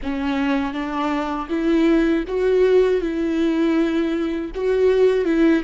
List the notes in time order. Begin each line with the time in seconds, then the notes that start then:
0.02 C#4
0.73 D4
1.49 E4
2.27 F#4
3.01 E4
4.54 F#4
5.25 E4